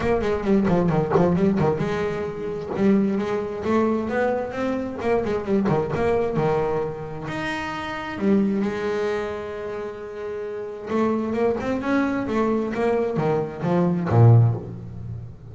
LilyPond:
\new Staff \with { instrumentName = "double bass" } { \time 4/4 \tempo 4 = 132 ais8 gis8 g8 f8 dis8 f8 g8 dis8 | gis2 g4 gis4 | a4 b4 c'4 ais8 gis8 | g8 dis8 ais4 dis2 |
dis'2 g4 gis4~ | gis1 | a4 ais8 c'8 cis'4 a4 | ais4 dis4 f4 ais,4 | }